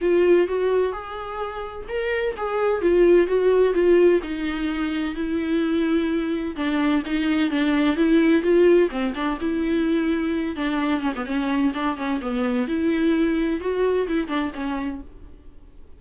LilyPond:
\new Staff \with { instrumentName = "viola" } { \time 4/4 \tempo 4 = 128 f'4 fis'4 gis'2 | ais'4 gis'4 f'4 fis'4 | f'4 dis'2 e'4~ | e'2 d'4 dis'4 |
d'4 e'4 f'4 c'8 d'8 | e'2~ e'8 d'4 cis'16 b16 | cis'4 d'8 cis'8 b4 e'4~ | e'4 fis'4 e'8 d'8 cis'4 | }